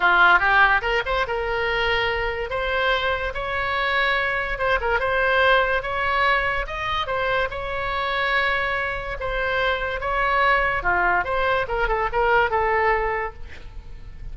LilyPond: \new Staff \with { instrumentName = "oboe" } { \time 4/4 \tempo 4 = 144 f'4 g'4 ais'8 c''8 ais'4~ | ais'2 c''2 | cis''2. c''8 ais'8 | c''2 cis''2 |
dis''4 c''4 cis''2~ | cis''2 c''2 | cis''2 f'4 c''4 | ais'8 a'8 ais'4 a'2 | }